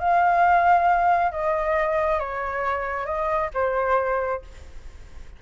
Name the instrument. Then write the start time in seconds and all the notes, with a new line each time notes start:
flute
0.00 F5
1.32 D#5
2.20 C#5
3.06 D#5
3.54 C5